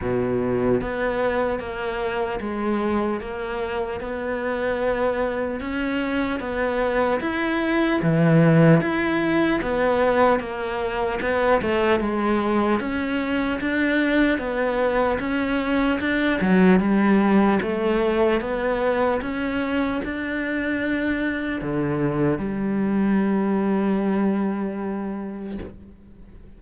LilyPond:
\new Staff \with { instrumentName = "cello" } { \time 4/4 \tempo 4 = 75 b,4 b4 ais4 gis4 | ais4 b2 cis'4 | b4 e'4 e4 e'4 | b4 ais4 b8 a8 gis4 |
cis'4 d'4 b4 cis'4 | d'8 fis8 g4 a4 b4 | cis'4 d'2 d4 | g1 | }